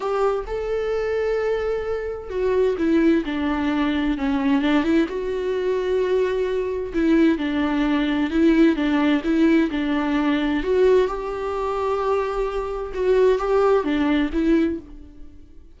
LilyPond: \new Staff \with { instrumentName = "viola" } { \time 4/4 \tempo 4 = 130 g'4 a'2.~ | a'4 fis'4 e'4 d'4~ | d'4 cis'4 d'8 e'8 fis'4~ | fis'2. e'4 |
d'2 e'4 d'4 | e'4 d'2 fis'4 | g'1 | fis'4 g'4 d'4 e'4 | }